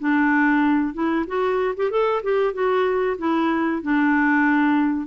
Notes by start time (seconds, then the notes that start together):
0.00 D4
0.94 E4
1.27 F#4
1.77 G4
1.91 A4
2.23 G4
2.54 F#4
3.19 E4
3.82 D4